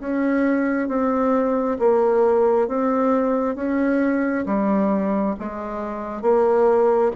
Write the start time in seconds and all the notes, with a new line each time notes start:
0.00 C#4
0.89 C4
1.80 A#3
2.68 C4
3.56 C#4
4.46 G3
5.40 G#3
6.22 A#3